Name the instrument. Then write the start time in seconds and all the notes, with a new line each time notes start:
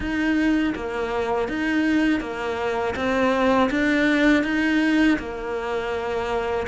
cello
0.00 D#4
0.75 A#3
1.48 D#4
2.20 A#3
2.96 C4
3.70 D4
4.43 D#4
5.19 A#3